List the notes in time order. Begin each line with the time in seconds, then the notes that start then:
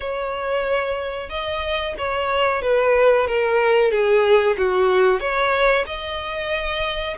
0.00 C#5
1.29 D#5
1.97 C#5
2.62 B4
3.27 A#4
3.91 G#4
4.57 F#4
5.20 C#5
5.86 D#5